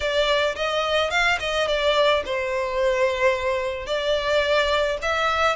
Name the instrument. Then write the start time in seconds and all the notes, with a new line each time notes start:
violin
0.00 D5
0.55 D#5
1.10 F5
1.39 D#5
1.67 D5
2.25 C5
3.86 D5
5.02 E5